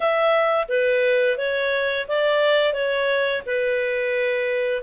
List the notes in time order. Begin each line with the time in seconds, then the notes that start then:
0.00 E5
0.68 B4
1.37 C#5
2.08 D5
2.73 C#5
3.45 B4